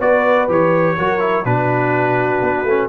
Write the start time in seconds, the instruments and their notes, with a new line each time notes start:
0.00 tuba B3, trombone F#4, horn B4, trumpet D5
0.48 tuba E3, trombone G4, trumpet C#5
0.97 tuba F#3, trombone F#4, horn A#4
1.20 trombone E4
1.45 tuba B2, trombone D4, horn F#4, trumpet B4
2.42 tuba B3
2.64 tuba A3, trombone C#4